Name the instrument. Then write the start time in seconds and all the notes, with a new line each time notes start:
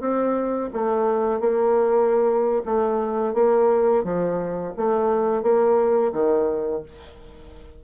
bassoon
0.00 C4
0.73 A3
1.40 A#3
2.65 A3
3.34 A#3
4.04 F3
4.77 A3
5.42 A#3
6.12 D#3